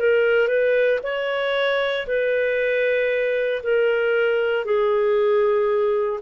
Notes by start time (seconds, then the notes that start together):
0.00 A#4
0.48 B4
1.03 C#5
2.07 B4
3.63 A#4
4.65 G#4